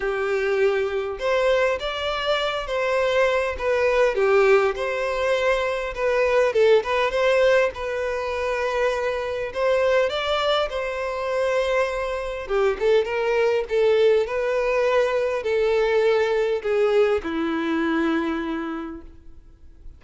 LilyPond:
\new Staff \with { instrumentName = "violin" } { \time 4/4 \tempo 4 = 101 g'2 c''4 d''4~ | d''8 c''4. b'4 g'4 | c''2 b'4 a'8 b'8 | c''4 b'2. |
c''4 d''4 c''2~ | c''4 g'8 a'8 ais'4 a'4 | b'2 a'2 | gis'4 e'2. | }